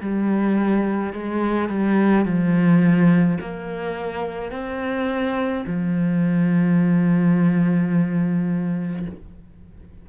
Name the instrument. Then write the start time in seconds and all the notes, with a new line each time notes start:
cello
0.00 G3
1.13 G#3
1.69 G3
2.25 F3
3.40 A#3
4.51 C4
5.66 F3